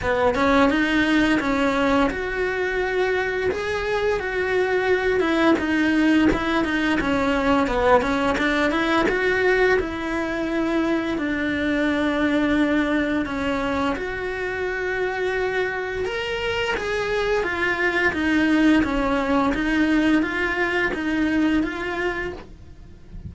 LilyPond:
\new Staff \with { instrumentName = "cello" } { \time 4/4 \tempo 4 = 86 b8 cis'8 dis'4 cis'4 fis'4~ | fis'4 gis'4 fis'4. e'8 | dis'4 e'8 dis'8 cis'4 b8 cis'8 | d'8 e'8 fis'4 e'2 |
d'2. cis'4 | fis'2. ais'4 | gis'4 f'4 dis'4 cis'4 | dis'4 f'4 dis'4 f'4 | }